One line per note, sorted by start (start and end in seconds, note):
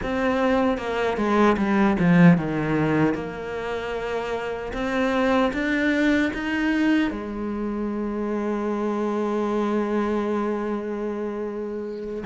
0.03 0.77 C4
0.77 1.17 A#3
1.17 1.56 G#3
1.57 1.96 G3
1.99 2.37 F3
2.37 3.14 D#3
3.14 4.72 A#3
4.73 5.52 C4
5.53 6.32 D4
6.33 7.11 D#4
7.11 12.24 G#3